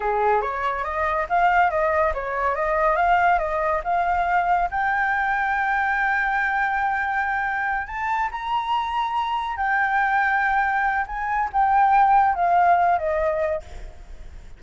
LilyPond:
\new Staff \with { instrumentName = "flute" } { \time 4/4 \tempo 4 = 141 gis'4 cis''4 dis''4 f''4 | dis''4 cis''4 dis''4 f''4 | dis''4 f''2 g''4~ | g''1~ |
g''2~ g''8 a''4 ais''8~ | ais''2~ ais''8 g''4.~ | g''2 gis''4 g''4~ | g''4 f''4. dis''4. | }